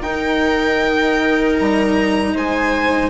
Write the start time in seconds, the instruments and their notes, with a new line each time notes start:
0.00 bassoon D#4, cello D#4, viola A#4, violin G5
1.59 bassoon G3, violin A#5
2.34 bassoon G#3, viola C5, violin G#5